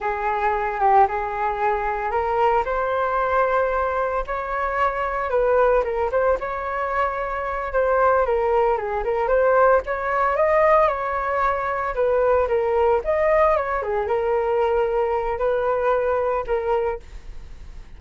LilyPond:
\new Staff \with { instrumentName = "flute" } { \time 4/4 \tempo 4 = 113 gis'4. g'8 gis'2 | ais'4 c''2. | cis''2 b'4 ais'8 c''8 | cis''2~ cis''8 c''4 ais'8~ |
ais'8 gis'8 ais'8 c''4 cis''4 dis''8~ | dis''8 cis''2 b'4 ais'8~ | ais'8 dis''4 cis''8 gis'8 ais'4.~ | ais'4 b'2 ais'4 | }